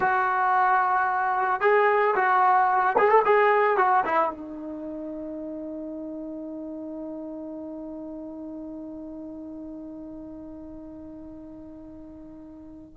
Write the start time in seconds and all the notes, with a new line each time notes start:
0.00 F#4
1.60 G#4
2.15 F#4
2.98 G#4
3.08 A4
3.25 G#4
3.77 F#4
4.05 E4
4.30 D#4